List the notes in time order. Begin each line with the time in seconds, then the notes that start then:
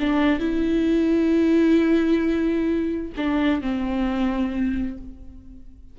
0.00 D4
0.40 E4
3.17 D4
3.62 C4